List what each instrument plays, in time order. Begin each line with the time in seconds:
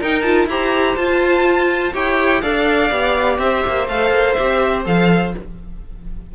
0.00 cello D#4, viola D#4, violin A#4 G5
0.21 viola F4, violin A5
0.46 cello E4, viola G4, violin C5 A#5
0.96 cello F4, viola F4, violin A5
1.93 cello E4, viola G4, violin C#5 G5
2.41 cello D4, viola A4, violin D5 F5
2.91 cello B3, viola G4
3.38 cello C4, violin C5 E5
3.66 cello A#3
3.87 cello A3, viola A4, violin F5
4.10 cello A#3
4.33 cello C4, viola G4, violin E5
4.84 cello F3, viola A4, violin F5